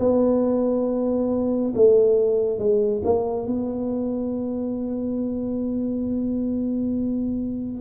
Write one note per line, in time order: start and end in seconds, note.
0.00 1.74 B3
1.75 2.59 A3
2.59 3.02 G#3
3.05 3.47 A#3
3.47 7.81 B3